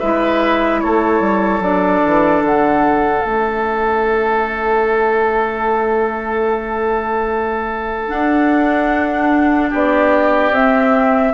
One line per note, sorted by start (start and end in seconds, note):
0.00 0.84 G#3
0.00 1.62 E4
0.00 0.81 B4
0.00 0.81 E5
0.81 1.20 A3
0.81 9.70 A4
0.81 1.62 C#5
1.20 1.60 G3
1.60 2.01 F#3
1.60 3.24 D4
1.60 2.44 D5
2.06 2.42 E3
2.42 3.23 D3
2.42 3.25 F#5
3.24 8.10 A3
3.24 8.08 C#4
3.24 8.09 E5
8.08 10.52 D4
8.08 9.73 D4
8.08 9.71 F#5
9.70 10.51 B3
9.70 11.32 G4
9.70 10.55 D5
10.51 11.32 C4
10.51 11.34 C4
10.51 11.34 E5